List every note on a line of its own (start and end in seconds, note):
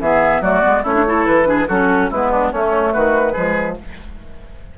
0.00 0.41 E3
0.00 0.43 B3
0.00 0.42 G#4
0.00 0.42 E5
0.41 0.62 F#3
0.41 0.62 A3
0.41 0.83 F#4
0.41 0.84 D5
0.62 0.85 G#3
0.62 0.83 B3
0.83 1.26 A3
0.83 0.94 C#4
0.83 1.04 E4
0.83 1.26 C#5
0.94 1.05 D4
1.06 1.45 E4
1.06 1.49 A4
1.26 1.69 E3
1.26 1.68 B4
1.45 1.66 D4
1.45 1.68 G#4
1.68 2.11 F#3
1.68 2.12 C#4
1.68 2.10 F#4
1.68 2.10 A4
2.10 2.52 G#3
2.10 2.54 B3
2.10 2.31 E4
2.10 2.52 B4
2.31 2.52 D4
2.52 2.94 A3
2.52 3.34 A3
2.52 2.93 C#4
2.52 2.93 C#5
2.93 3.37 D#3
2.93 3.33 F#4
2.93 3.77 B4
3.33 3.78 F3
3.33 3.76 G#3
3.33 3.75 G#4